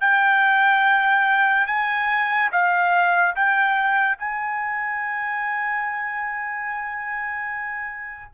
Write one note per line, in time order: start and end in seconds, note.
0.00 1.67 G5
1.67 2.50 G#5
2.52 3.35 F5
3.35 4.18 G5
4.18 8.33 G#5